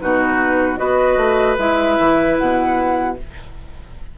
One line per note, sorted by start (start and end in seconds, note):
0.00 0.79 B2
0.00 0.76 D#4
0.00 0.78 F#4
0.00 0.77 B4
0.76 1.16 B3
0.76 1.55 F#4
0.76 3.15 B4
0.76 1.56 D#5
1.16 1.56 A3
1.58 1.97 G#3
1.58 3.16 E4
1.58 2.37 E5
1.99 2.38 E3
2.37 3.18 B2
2.37 3.16 F#5